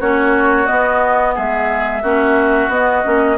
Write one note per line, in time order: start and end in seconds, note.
0.00 0.67 A#3
0.00 0.67 C#4
0.00 1.35 F#4
0.00 0.66 C#5
0.66 2.02 B3
0.66 1.37 B3
0.66 1.34 D#5
1.35 2.03 G#3
1.35 2.02 G#4
1.35 2.71 E5
2.02 2.68 A#3
2.02 2.71 C#4
2.02 3.37 F#4
2.68 3.02 B3
2.68 3.04 B3
2.68 3.38 D#5
3.04 3.38 A#3
3.04 3.38 C#4